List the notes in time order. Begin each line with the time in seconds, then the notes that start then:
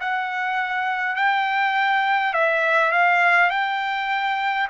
0.00 F#5
1.16 G5
2.34 E5
2.92 F5
3.50 G5